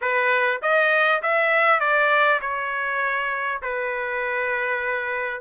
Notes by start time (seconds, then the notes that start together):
0.01 B4
0.62 D#5
1.22 E5
1.79 D5
2.41 C#5
3.62 B4